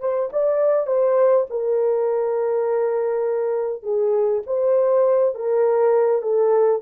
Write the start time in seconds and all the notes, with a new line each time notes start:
0.00 C5
0.32 D5
0.87 C5
1.50 A#4
3.83 G#4
4.46 C5
5.35 A#4
6.22 A4